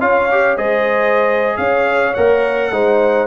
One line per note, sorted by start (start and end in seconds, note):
0.00 0.57 C#4
0.00 0.29 F4
0.00 0.56 C#5
0.00 0.57 F5
0.31 0.57 G4
0.56 1.57 G#3
0.56 2.14 G#4
0.56 1.56 C5
0.56 1.57 D#5
1.57 2.15 C#4
1.57 2.72 C#5
1.57 2.14 F5
2.14 2.71 A#3
2.14 2.72 A#4
2.14 3.27 F#5
2.71 3.27 G#3
2.71 3.27 D#4
2.71 3.27 C5